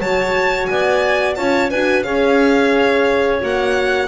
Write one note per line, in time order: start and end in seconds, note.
0.00 0.68 F#3
0.00 1.37 F#4
0.00 0.70 C#5
0.00 0.66 A5
0.66 1.38 B3
0.66 1.37 D5
0.66 1.34 G#5
1.36 1.72 C#4
1.36 1.71 F4
1.36 1.71 C#5
1.36 1.70 A5
1.71 2.06 D4
1.71 2.05 F#4
1.71 2.05 B4
1.71 2.04 G#5
2.04 3.42 C#4
2.04 3.41 G#4
2.04 4.09 C#5
2.04 3.40 F5
3.41 4.09 A#3
3.41 4.09 F#4
3.41 4.09 F#5